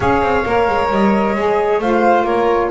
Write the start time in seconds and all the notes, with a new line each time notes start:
0.00 C#4 G#4 C#5 F5
0.21 C4
0.45 A#3 A#4
0.67 G#3
0.90 G3 D#5
1.34 G#3 G#4
1.78 A3 F4 C5 F5
2.23 A#3 A#4 C#5